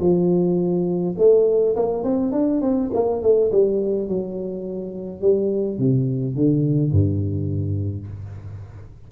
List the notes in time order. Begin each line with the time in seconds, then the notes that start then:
0.00 F3
1.18 A3
1.76 A#3
2.04 C4
2.32 D4
2.61 C4
2.94 A#3
3.23 A3
3.52 G3
4.08 F#3
5.21 G3
5.78 C3
6.35 D3
6.92 G2